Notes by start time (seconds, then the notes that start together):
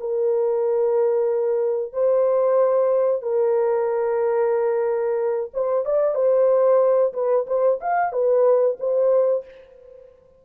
0.00 A#4
1.93 C5
3.22 A#4
5.54 C5
5.85 D5
6.15 C5
7.14 B4
7.47 C5
7.81 F5
8.13 B4
8.80 C5